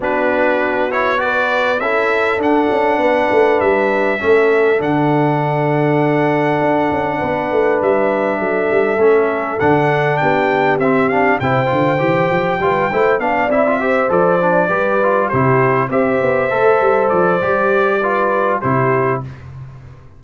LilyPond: <<
  \new Staff \with { instrumentName = "trumpet" } { \time 4/4 \tempo 4 = 100 b'4. cis''8 d''4 e''4 | fis''2 e''2 | fis''1~ | fis''4 e''2. |
fis''4 g''4 e''8 f''8 g''4~ | g''2 f''8 e''4 d''8~ | d''4. c''4 e''4.~ | e''8 d''2~ d''8 c''4 | }
  \new Staff \with { instrumentName = "horn" } { \time 4/4 fis'2 b'4 a'4~ | a'4 b'2 a'4~ | a'1 | b'2 a'2~ |
a'4 g'2 c''4~ | c''4 b'8 c''8 d''4 c''4~ | c''8 b'4 g'4 c''4.~ | c''2 b'4 g'4 | }
  \new Staff \with { instrumentName = "trombone" } { \time 4/4 d'4. e'8 fis'4 e'4 | d'2. cis'4 | d'1~ | d'2. cis'4 |
d'2 c'8 d'8 e'8 f'8 | g'4 f'8 e'8 d'8 e'16 f'16 g'8 a'8 | d'8 g'8 f'8 e'4 g'4 a'8~ | a'4 g'4 f'4 e'4 | }
  \new Staff \with { instrumentName = "tuba" } { \time 4/4 b2. cis'4 | d'8 cis'8 b8 a8 g4 a4 | d2. d'8 cis'8 | b8 a8 g4 fis8 g8 a4 |
d4 b4 c'4 c8 d8 | e8 f8 g8 a8 b8 c'4 f8~ | f8 g4 c4 c'8 b8 a8 | g8 f8 g2 c4 | }
>>